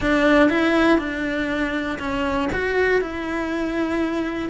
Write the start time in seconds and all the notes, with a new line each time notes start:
0.00 D4
0.49 E4
0.98 D4
1.98 C#4
2.52 F#4
3.01 E4